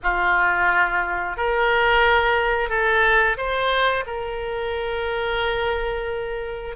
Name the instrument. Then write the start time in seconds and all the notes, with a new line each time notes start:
oboe
0.02 F4
1.36 A#4
2.69 A4
3.37 C5
4.06 A#4